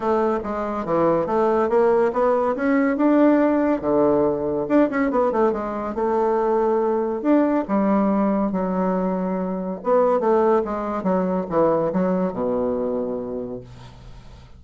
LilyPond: \new Staff \with { instrumentName = "bassoon" } { \time 4/4 \tempo 4 = 141 a4 gis4 e4 a4 | ais4 b4 cis'4 d'4~ | d'4 d2 d'8 cis'8 | b8 a8 gis4 a2~ |
a4 d'4 g2 | fis2. b4 | a4 gis4 fis4 e4 | fis4 b,2. | }